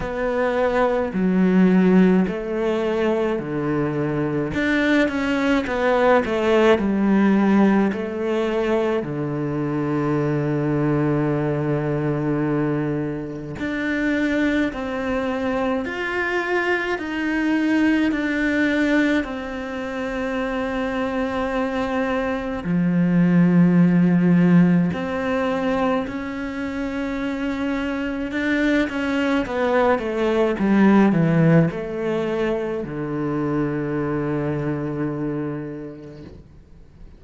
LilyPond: \new Staff \with { instrumentName = "cello" } { \time 4/4 \tempo 4 = 53 b4 fis4 a4 d4 | d'8 cis'8 b8 a8 g4 a4 | d1 | d'4 c'4 f'4 dis'4 |
d'4 c'2. | f2 c'4 cis'4~ | cis'4 d'8 cis'8 b8 a8 g8 e8 | a4 d2. | }